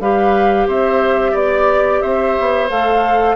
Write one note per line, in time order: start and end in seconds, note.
0.00 0.67 G3
0.00 2.70 G4
0.00 0.68 B4
0.00 0.68 F5
0.68 1.34 C4
0.68 1.32 C5
0.68 1.36 E5
1.32 2.01 B3
1.32 1.99 D5
1.32 2.02 D5
2.02 2.37 C4
2.02 3.37 C5
2.02 2.69 E5
2.40 2.70 B3
2.70 3.37 A3
2.70 3.37 A4
2.70 3.37 F5